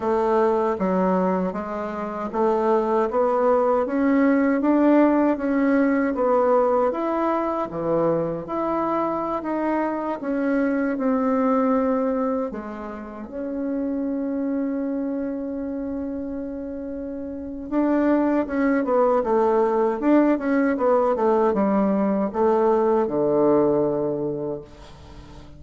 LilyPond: \new Staff \with { instrumentName = "bassoon" } { \time 4/4 \tempo 4 = 78 a4 fis4 gis4 a4 | b4 cis'4 d'4 cis'4 | b4 e'4 e4 e'4~ | e'16 dis'4 cis'4 c'4.~ c'16~ |
c'16 gis4 cis'2~ cis'8.~ | cis'2. d'4 | cis'8 b8 a4 d'8 cis'8 b8 a8 | g4 a4 d2 | }